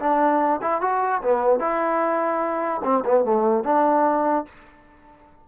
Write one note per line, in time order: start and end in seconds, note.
0.00 0.61 D4
0.62 0.82 E4
0.82 1.22 F#4
1.22 1.60 B3
1.60 2.82 E4
2.84 3.04 C4
3.06 3.25 B3
3.25 3.64 A3
3.64 4.46 D4